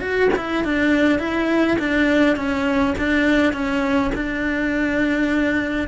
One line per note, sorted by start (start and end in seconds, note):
0.00 0.29 F#4
0.37 0.64 E4
0.64 1.19 D4
1.19 1.77 E4
1.79 2.36 D4
2.36 2.94 C#4
2.98 3.53 D4
3.53 4.11 C#4
4.14 5.88 D4